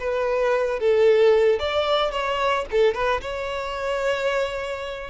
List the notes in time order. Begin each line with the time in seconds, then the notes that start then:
0.00 B4
0.80 A4
1.60 D5
2.12 C#5
2.71 A4
2.94 B4
3.21 C#5